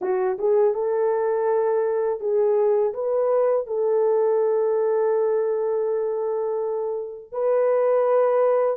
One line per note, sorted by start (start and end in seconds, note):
0.01 0.37 F#4
0.38 0.74 G#4
0.74 2.20 A4
2.20 2.93 G#4
2.93 3.67 B4
3.67 7.32 A4
7.32 8.76 B4